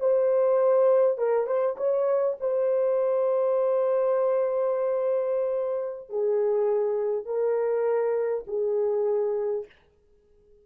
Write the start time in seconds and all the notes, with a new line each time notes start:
0.00 C5
1.18 A#4
1.47 C5
1.77 C#5
2.40 C5
6.09 G#4
7.26 A#4
8.47 G#4